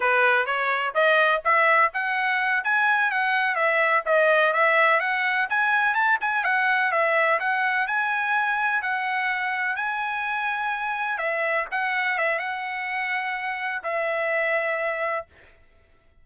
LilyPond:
\new Staff \with { instrumentName = "trumpet" } { \time 4/4 \tempo 4 = 126 b'4 cis''4 dis''4 e''4 | fis''4. gis''4 fis''4 e''8~ | e''8 dis''4 e''4 fis''4 gis''8~ | gis''8 a''8 gis''8 fis''4 e''4 fis''8~ |
fis''8 gis''2 fis''4.~ | fis''8 gis''2. e''8~ | e''8 fis''4 e''8 fis''2~ | fis''4 e''2. | }